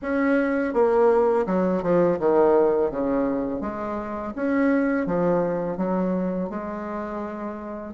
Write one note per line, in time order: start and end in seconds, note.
0.02 0.73 C#4
0.73 1.46 A#3
1.46 1.82 F#3
1.82 2.19 F3
2.19 2.90 D#3
2.90 3.60 C#3
3.60 4.33 G#3
4.35 5.06 C#4
5.06 5.77 F3
5.77 6.49 F#3
6.49 7.94 G#3